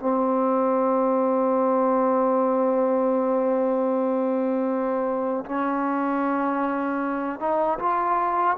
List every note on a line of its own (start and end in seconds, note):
0.00 5.45 C4
5.46 7.40 C#4
7.40 7.79 D#4
7.79 8.57 F4